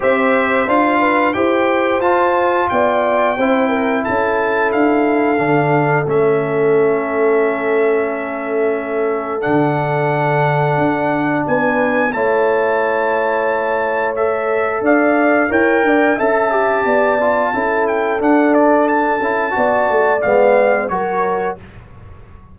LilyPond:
<<
  \new Staff \with { instrumentName = "trumpet" } { \time 4/4 \tempo 4 = 89 e''4 f''4 g''4 a''4 | g''2 a''4 f''4~ | f''4 e''2.~ | e''2 fis''2~ |
fis''4 gis''4 a''2~ | a''4 e''4 f''4 g''4 | a''2~ a''8 g''8 fis''8 d''8 | a''2 f''4 cis''4 | }
  \new Staff \with { instrumentName = "horn" } { \time 4/4 c''4. b'8 c''2 | d''4 c''8 ais'8 a'2~ | a'1~ | a'1~ |
a'4 b'4 cis''2~ | cis''2 d''4 cis''8 d''8 | e''4 d''4 a'2~ | a'4 d''2 ais'4 | }
  \new Staff \with { instrumentName = "trombone" } { \time 4/4 g'4 f'4 g'4 f'4~ | f'4 e'2. | d'4 cis'2.~ | cis'2 d'2~ |
d'2 e'2~ | e'4 a'2 ais'4 | a'8 g'4 f'8 e'4 d'4~ | d'8 e'8 fis'4 b4 fis'4 | }
  \new Staff \with { instrumentName = "tuba" } { \time 4/4 c'4 d'4 e'4 f'4 | b4 c'4 cis'4 d'4 | d4 a2.~ | a2 d2 |
d'4 b4 a2~ | a2 d'4 e'8 d'8 | cis'4 b4 cis'4 d'4~ | d'8 cis'8 b8 a8 gis4 fis4 | }
>>